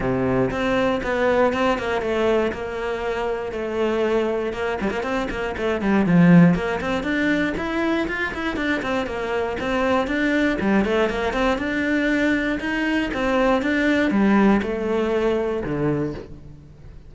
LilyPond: \new Staff \with { instrumentName = "cello" } { \time 4/4 \tempo 4 = 119 c4 c'4 b4 c'8 ais8 | a4 ais2 a4~ | a4 ais8 g16 ais16 c'8 ais8 a8 g8 | f4 ais8 c'8 d'4 e'4 |
f'8 e'8 d'8 c'8 ais4 c'4 | d'4 g8 a8 ais8 c'8 d'4~ | d'4 dis'4 c'4 d'4 | g4 a2 d4 | }